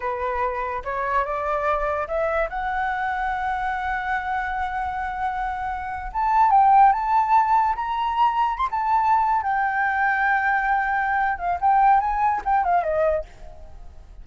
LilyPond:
\new Staff \with { instrumentName = "flute" } { \time 4/4 \tempo 4 = 145 b'2 cis''4 d''4~ | d''4 e''4 fis''2~ | fis''1~ | fis''2~ fis''8. a''4 g''16~ |
g''8. a''2 ais''4~ ais''16~ | ais''8. c'''16 a''4.~ a''16 g''4~ g''16~ | g''2.~ g''8 f''8 | g''4 gis''4 g''8 f''8 dis''4 | }